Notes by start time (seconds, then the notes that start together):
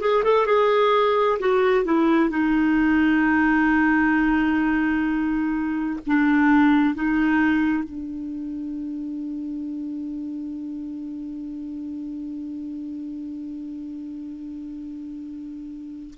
0.00 G#4
0.23 A4
0.46 G#4
1.40 F#4
1.85 E4
2.30 D#4
6.06 D4
6.95 D#4
7.84 D4